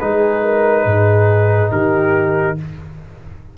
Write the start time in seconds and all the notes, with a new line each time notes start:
0.00 G#3 D#4 G#4 B4
0.43 A#4
0.85 G#2 G#4
1.71 D#3 G4 A#4